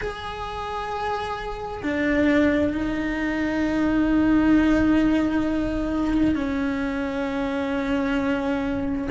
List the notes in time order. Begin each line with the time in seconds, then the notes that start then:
0.01 G#4
1.82 D4
2.73 D#4
6.35 C#4